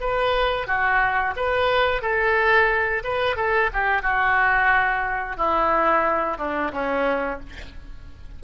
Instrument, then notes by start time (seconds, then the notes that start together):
oboe
0.00 B4
0.66 F#4
1.36 B4
2.02 A4
3.04 B4
3.36 A4
3.73 G4
4.02 F#4
5.37 E4
6.37 D4
6.72 C#4